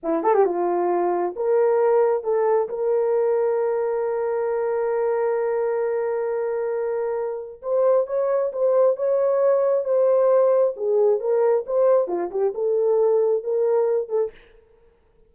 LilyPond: \new Staff \with { instrumentName = "horn" } { \time 4/4 \tempo 4 = 134 e'8 a'16 g'16 f'2 ais'4~ | ais'4 a'4 ais'2~ | ais'1~ | ais'1~ |
ais'4 c''4 cis''4 c''4 | cis''2 c''2 | gis'4 ais'4 c''4 f'8 g'8 | a'2 ais'4. a'8 | }